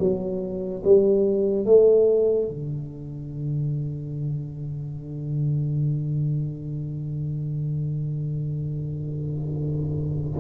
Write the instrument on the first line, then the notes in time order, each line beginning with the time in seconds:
tuba
0.00 F#3
0.84 G3
1.66 A3
2.49 D3